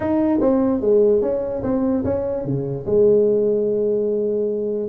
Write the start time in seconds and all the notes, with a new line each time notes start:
0.00 D#4
0.40 C4
0.81 G#3
1.21 C#4
1.63 C4
2.04 C#4
2.45 C#3
2.86 G#3